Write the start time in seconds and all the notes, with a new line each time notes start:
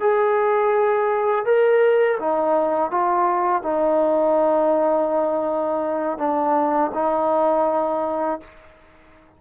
0.00 G#4
1.45 A#4
2.20 D#4
2.91 F4
3.63 D#4
6.18 D4
6.94 D#4